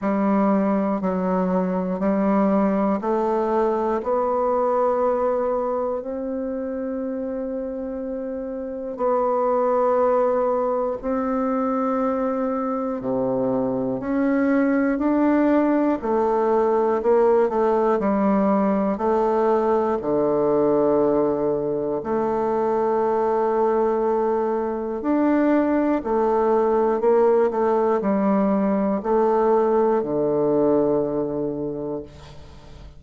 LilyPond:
\new Staff \with { instrumentName = "bassoon" } { \time 4/4 \tempo 4 = 60 g4 fis4 g4 a4 | b2 c'2~ | c'4 b2 c'4~ | c'4 c4 cis'4 d'4 |
a4 ais8 a8 g4 a4 | d2 a2~ | a4 d'4 a4 ais8 a8 | g4 a4 d2 | }